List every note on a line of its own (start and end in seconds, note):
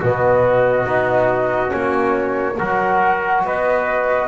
0.00 0.86 B2
0.00 0.86 B3
0.00 2.57 F#4
0.00 1.72 D#5
0.86 1.72 B3
0.86 1.68 D#4
1.68 2.59 A#3
1.68 2.54 C#4
1.68 2.57 C#5
2.58 3.44 F#3
2.58 4.28 F#4
2.58 3.44 A#4
2.58 3.46 F#5
3.44 4.28 B3
3.44 4.28 B4
3.44 4.28 D#5